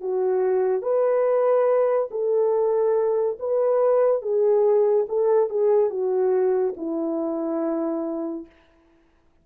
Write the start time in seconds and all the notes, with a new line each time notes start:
0.00 F#4
0.82 B4
2.10 A4
3.39 B4
4.22 G#4
5.08 A4
5.49 G#4
5.90 F#4
6.76 E4